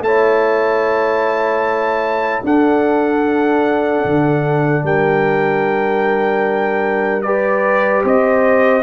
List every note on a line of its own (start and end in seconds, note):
0.00 2.40 A3
0.00 2.42 E4
0.00 2.45 C#5
0.00 2.43 A5
2.42 7.22 D4
2.42 4.04 D4
2.42 4.84 A4
2.42 4.86 F#5
4.04 4.83 D3
4.83 8.03 G3
4.83 7.24 A#4
4.83 7.22 G5
7.22 8.83 G4
7.22 8.04 B4
7.22 8.02 D5
8.04 8.83 C4
8.04 8.83 C5
8.04 8.83 D#5